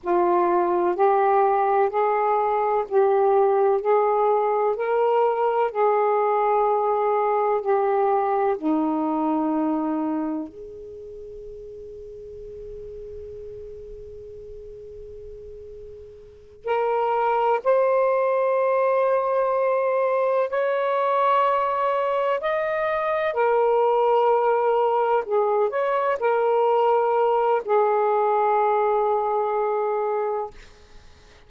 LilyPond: \new Staff \with { instrumentName = "saxophone" } { \time 4/4 \tempo 4 = 63 f'4 g'4 gis'4 g'4 | gis'4 ais'4 gis'2 | g'4 dis'2 gis'4~ | gis'1~ |
gis'4. ais'4 c''4.~ | c''4. cis''2 dis''8~ | dis''8 ais'2 gis'8 cis''8 ais'8~ | ais'4 gis'2. | }